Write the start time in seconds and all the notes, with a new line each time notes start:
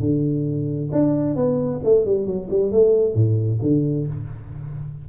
0.00 D3
0.92 D4
1.36 B3
1.84 A3
2.05 G3
2.26 F#3
2.50 G3
2.72 A3
3.14 A2
3.62 D3